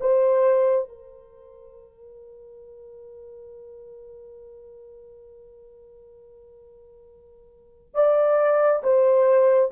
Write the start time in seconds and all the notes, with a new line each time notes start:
0.00 C5
0.88 A#4
7.94 D5
8.83 C5